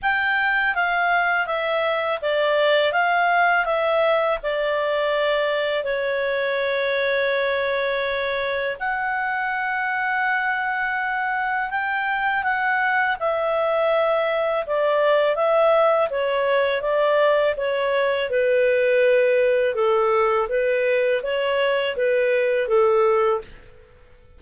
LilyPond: \new Staff \with { instrumentName = "clarinet" } { \time 4/4 \tempo 4 = 82 g''4 f''4 e''4 d''4 | f''4 e''4 d''2 | cis''1 | fis''1 |
g''4 fis''4 e''2 | d''4 e''4 cis''4 d''4 | cis''4 b'2 a'4 | b'4 cis''4 b'4 a'4 | }